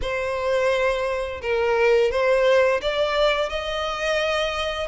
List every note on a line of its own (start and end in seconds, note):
0.01 1.41 C5
1.41 2.11 A#4
2.11 2.81 C5
2.81 3.49 D5
3.49 4.87 D#5